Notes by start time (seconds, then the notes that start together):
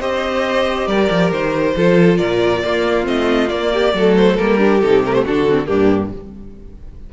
0.00 C4 G4 C5 D#5
0.87 G3 A#4 D5
1.10 F3
1.31 D#3 C5
1.76 F3 F4 A4
2.17 A#2 A#4 D5
2.64 A#3 F4
3.04 A3 C4 D#5
3.49 A#3 D5
3.73 G4
3.94 F#3 A3 A4
4.17 C5
4.37 G3 A#3 A#4
4.58 D4 G4
4.81 C3 D#4 A4
5.05 A3 A#4
5.14 C5
5.24 D3 D4 F#4 A4
5.49 C4
5.66 G2 A#3 D4 G4